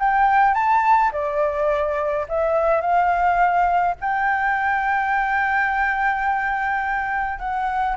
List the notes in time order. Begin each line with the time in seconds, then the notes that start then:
0.00 G5
0.55 A5
1.12 D5
2.29 E5
2.81 F5
4.01 G5
7.39 F#5